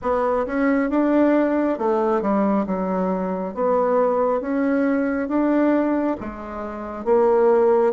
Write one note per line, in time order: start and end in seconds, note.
0.02 0.46 B3
0.46 0.90 C#4
0.90 1.78 D4
1.78 2.21 A3
2.21 2.65 G3
2.66 3.54 F#3
3.54 4.40 B3
4.40 5.28 C#4
5.28 6.16 D4
6.20 7.04 G#3
7.04 7.93 A#3